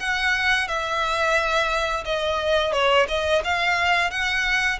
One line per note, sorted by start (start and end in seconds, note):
0.00 0.68 F#5
0.68 2.05 E5
2.05 2.73 D#5
2.73 3.07 C#5
3.08 3.42 D#5
3.44 4.11 F5
4.11 4.79 F#5